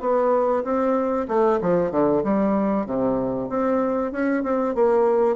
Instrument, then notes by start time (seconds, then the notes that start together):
bassoon
0.00 B3
0.63 C4
1.28 A3
1.61 F3
1.91 D3
2.23 G3
2.86 C3
3.49 C4
4.12 C#4
4.43 C4
4.74 A#3